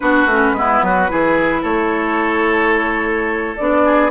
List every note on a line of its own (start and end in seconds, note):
0.00 0.25 B3
0.00 0.28 D4
0.00 0.56 F#4
0.00 1.63 B4
0.25 0.52 A3
0.25 0.57 C#4
0.52 0.79 G#3
0.52 1.08 B3
0.52 0.85 E4
0.82 1.09 F#3
0.82 1.11 F#4
1.08 1.63 E3
1.08 3.56 E4
1.08 1.61 G#4
1.61 3.56 A3
1.61 3.81 A4
1.61 3.56 C#5
3.56 4.10 B3
3.56 4.10 D4
3.56 4.10 D5
3.84 4.10 G#4